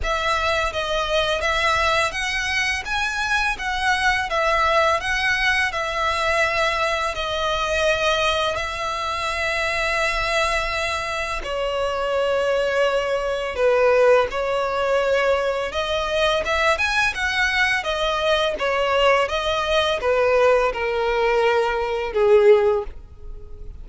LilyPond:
\new Staff \with { instrumentName = "violin" } { \time 4/4 \tempo 4 = 84 e''4 dis''4 e''4 fis''4 | gis''4 fis''4 e''4 fis''4 | e''2 dis''2 | e''1 |
cis''2. b'4 | cis''2 dis''4 e''8 gis''8 | fis''4 dis''4 cis''4 dis''4 | b'4 ais'2 gis'4 | }